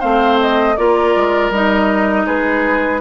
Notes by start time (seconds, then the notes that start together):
0.00 A3 C4 C5 F5
0.41 D#5
0.77 A#3 F4 A#4 D5
1.16 G#3
1.50 G3 D#4 D#5
2.26 G#3 G#4 B4